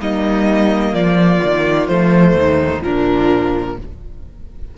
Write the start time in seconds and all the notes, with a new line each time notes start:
0.00 G3 A#3 D#4 D#5
0.93 F3 F4 D5
1.44 D#3
1.87 F3 A3 C5
2.35 D#2 D#4
2.81 A#2 F3 D4 A#4